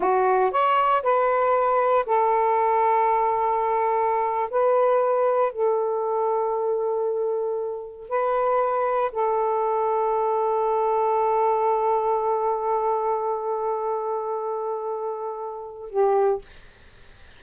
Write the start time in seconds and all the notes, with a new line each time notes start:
0.00 F#4
0.51 C#5
1.02 B4
2.06 A4
4.50 B4
5.52 A4
8.08 B4
9.11 A4
15.90 G4